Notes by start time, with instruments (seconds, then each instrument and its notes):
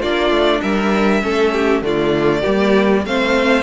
0.00 cello A#3, viola D4, violin F4 D5
0.30 cello A3
0.61 cello G3, violin A#4 E5
1.22 cello A3, viola C#4, violin A4
1.53 violin G4
1.82 cello D3, viola A3, violin F4 D5
2.42 cello G3, viola A#3, violin G4
3.05 cello A3, viola C4, violin C5 F5